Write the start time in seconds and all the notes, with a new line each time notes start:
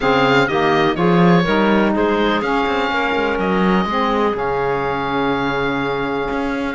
0.00 C#3 C4 G#4 F5
0.47 D#3 A#3 G4 D#5
0.94 F3 F4 G#4 C#5
1.43 G3 D#4 A#4
1.93 G#3 G#4 C5
2.41 C#4 F5
2.66 C4
2.90 A#3 A#4
3.15 G#3
3.39 F#3 D#5
3.85 G#3 C4 G#4
4.32 C#3 C#4 F5
6.30 C#4